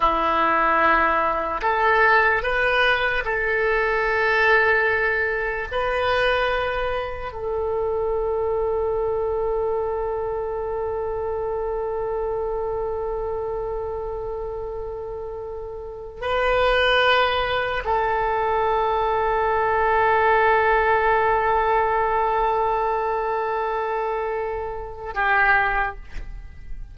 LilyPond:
\new Staff \with { instrumentName = "oboe" } { \time 4/4 \tempo 4 = 74 e'2 a'4 b'4 | a'2. b'4~ | b'4 a'2.~ | a'1~ |
a'1 | b'2 a'2~ | a'1~ | a'2. g'4 | }